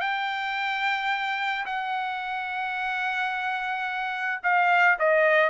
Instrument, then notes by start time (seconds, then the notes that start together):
trumpet
0.00 G5
1.66 F#5
4.43 F5
4.99 D#5